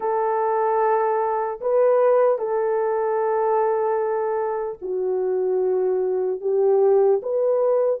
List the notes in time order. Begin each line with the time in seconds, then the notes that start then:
0.00 A4
1.60 B4
2.38 A4
4.81 F#4
6.40 G4
7.22 B4